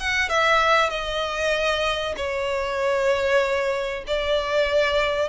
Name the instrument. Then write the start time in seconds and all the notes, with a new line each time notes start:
violin
0.00 F#5
0.29 E5
0.90 D#5
2.16 C#5
4.07 D5